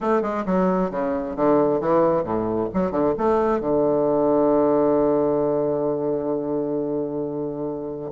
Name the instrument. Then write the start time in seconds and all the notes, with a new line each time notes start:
bassoon
0.00 A3
0.21 G#3
0.45 F#3
0.90 C#3
1.36 D3
1.80 E3
2.23 A2
2.73 F#3
2.91 D3
3.18 A3
3.60 D3